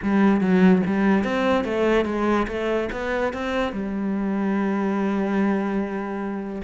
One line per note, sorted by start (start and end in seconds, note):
0.02 0.40 G3
0.40 0.82 F#3
0.86 1.23 G3
1.23 1.64 C4
1.64 2.05 A3
2.05 2.46 G#3
2.47 2.89 A3
2.92 3.33 B3
3.33 3.72 C4
3.72 6.62 G3